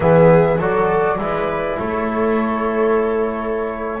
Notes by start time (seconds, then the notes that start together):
0.00 E3 B3 G#4 E5
0.58 F#3 F#4 A4 D5
1.17 G#3 E4 B4
1.78 A3 A4 C#5